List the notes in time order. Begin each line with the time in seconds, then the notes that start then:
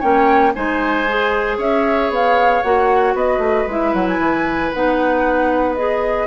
0.00 A#3 C#4 C#5 G5
0.54 G#3 D#4 C5 G#5
1.08 G#4
1.57 C#4 C#5 E5
2.09 B3 F5
2.62 A#3 F#4 F#5
3.14 B3 B4 D#5
3.38 A3
3.67 G#3 E4 E5
3.93 F#3 F#5
4.07 G#5
4.19 E3
4.74 B3 D#4 F#5
5.75 G#4 D#5